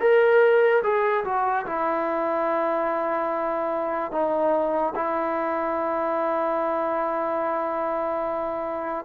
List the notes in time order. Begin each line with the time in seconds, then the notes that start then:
0.00 A#4
0.83 G#4
1.24 F#4
1.66 E4
4.11 D#4
4.95 E4